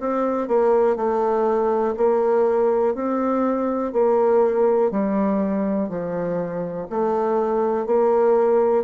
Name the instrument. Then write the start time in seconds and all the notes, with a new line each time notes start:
bassoon
0.00 C4
0.48 A#3
0.97 A3
1.97 A#3
2.95 C4
3.93 A#3
4.91 G3
5.89 F3
6.90 A3
7.86 A#3